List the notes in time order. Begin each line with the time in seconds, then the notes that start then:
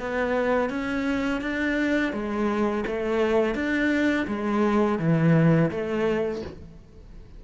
0.00 B3
0.70 C#4
1.42 D4
2.13 G#3
2.87 A3
3.55 D4
4.28 G#3
4.99 E3
5.71 A3